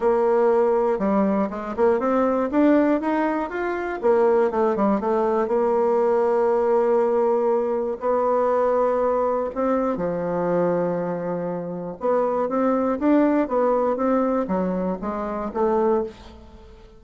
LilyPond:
\new Staff \with { instrumentName = "bassoon" } { \time 4/4 \tempo 4 = 120 ais2 g4 gis8 ais8 | c'4 d'4 dis'4 f'4 | ais4 a8 g8 a4 ais4~ | ais1 |
b2. c'4 | f1 | b4 c'4 d'4 b4 | c'4 fis4 gis4 a4 | }